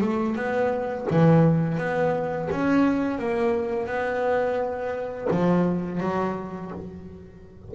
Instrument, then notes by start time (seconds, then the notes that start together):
double bass
0.00 A3
0.36 B3
1.10 E3
1.78 B3
2.51 C#4
3.18 A#3
3.86 B3
5.30 F3
6.00 F#3